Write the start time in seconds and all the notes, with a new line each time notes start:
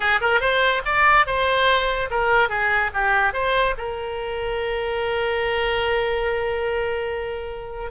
0.00 G#4
0.20 A#4
0.40 C5
0.85 D5
1.26 C5
2.10 A#4
2.49 G#4
2.93 G4
3.33 C5
3.77 A#4